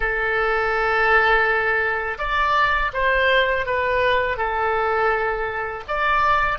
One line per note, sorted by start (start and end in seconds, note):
0.00 2.18 A4
2.18 2.91 D5
2.93 3.66 C5
3.66 4.37 B4
4.37 5.83 A4
5.87 6.58 D5